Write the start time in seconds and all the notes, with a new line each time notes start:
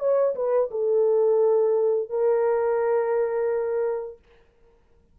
0.00 C#5
0.36 B4
0.71 A4
2.10 A#4